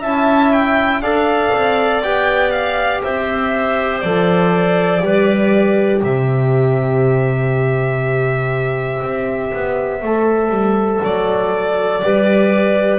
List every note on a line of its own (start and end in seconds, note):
0.00 1.01 C#4
0.00 1.03 E4
0.00 1.00 E5
0.00 0.53 A5
0.53 1.02 G5
1.01 1.51 D4
1.01 2.03 A4
1.01 3.02 D5
1.01 2.02 F5
1.54 2.03 C4
2.03 3.03 B3
2.03 4.04 G4
2.03 2.51 G5
2.51 3.01 F5
3.03 4.03 C4
3.03 5.03 C5
3.03 4.00 E5
4.00 5.02 F3
4.00 5.01 A4
4.00 6.00 D5
5.01 6.02 G3
5.01 10.01 G4
5.01 6.00 B4
6.00 9.02 C3
6.00 12.00 C5
6.00 11.04 E5
9.02 9.52 C4
9.53 10.02 B3
10.02 10.50 A3
10.02 12.02 A4
10.50 11.00 G3
11.03 12.03 F#3
11.03 12.99 D5
12.02 12.99 G3
12.02 12.99 G4
12.02 12.99 B4